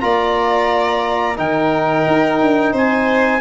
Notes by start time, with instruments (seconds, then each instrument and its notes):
0.00 tuba A#3, trombone F4, violin D5, trumpet A#5
1.36 tuba D#3, trombone D#4, violin A#4, trumpet G5
2.07 tuba D#4
2.41 tuba D4
2.72 tuba C4, violin C5, trumpet G#5